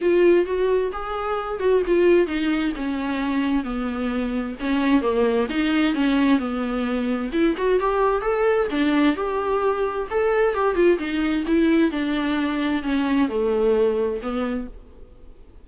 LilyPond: \new Staff \with { instrumentName = "viola" } { \time 4/4 \tempo 4 = 131 f'4 fis'4 gis'4. fis'8 | f'4 dis'4 cis'2 | b2 cis'4 ais4 | dis'4 cis'4 b2 |
e'8 fis'8 g'4 a'4 d'4 | g'2 a'4 g'8 f'8 | dis'4 e'4 d'2 | cis'4 a2 b4 | }